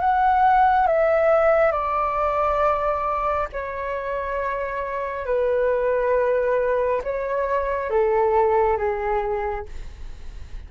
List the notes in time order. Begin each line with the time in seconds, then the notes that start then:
0.00 F#5
0.87 E5
1.72 D5
3.53 C#5
5.25 B4
7.03 C#5
7.90 A4
8.77 G#4